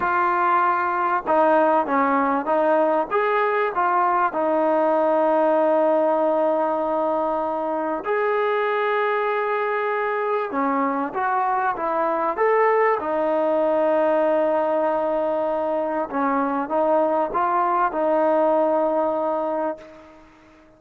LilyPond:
\new Staff \with { instrumentName = "trombone" } { \time 4/4 \tempo 4 = 97 f'2 dis'4 cis'4 | dis'4 gis'4 f'4 dis'4~ | dis'1~ | dis'4 gis'2.~ |
gis'4 cis'4 fis'4 e'4 | a'4 dis'2.~ | dis'2 cis'4 dis'4 | f'4 dis'2. | }